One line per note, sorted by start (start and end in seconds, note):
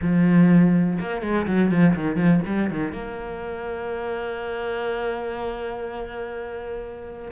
0.01 0.99 F3
1.00 1.22 A#3
1.22 1.46 G#3
1.46 1.70 F#3
1.70 1.95 F3
1.95 2.16 D#3
2.16 2.40 F3
2.45 2.70 G3
2.70 2.92 D#3
2.92 7.31 A#3